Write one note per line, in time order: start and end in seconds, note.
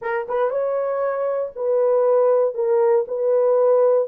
0.01 0.27 A#4
0.28 0.50 B4
0.50 1.51 C#5
1.55 2.54 B4
2.54 3.05 A#4
3.07 4.08 B4